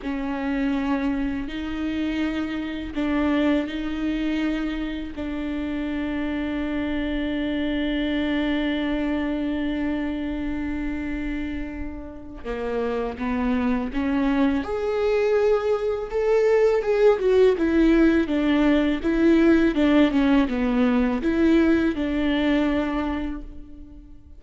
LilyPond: \new Staff \with { instrumentName = "viola" } { \time 4/4 \tempo 4 = 82 cis'2 dis'2 | d'4 dis'2 d'4~ | d'1~ | d'1~ |
d'4 ais4 b4 cis'4 | gis'2 a'4 gis'8 fis'8 | e'4 d'4 e'4 d'8 cis'8 | b4 e'4 d'2 | }